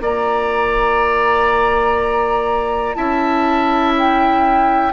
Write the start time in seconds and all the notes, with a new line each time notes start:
0.00 A#3 F4 D5 A#5
2.95 C#4 E4 E5 A5
3.98 G5